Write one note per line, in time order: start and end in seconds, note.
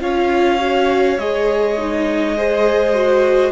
0.00 1.18 C#4
0.00 0.59 F4
0.00 2.37 C#5
0.00 1.19 F5
0.60 1.18 F#4
1.18 3.52 G#3
1.18 1.78 G#4
1.18 3.52 D#5
1.78 2.37 D#4
2.37 2.94 G#4
2.37 3.52 C5
2.94 3.52 F#4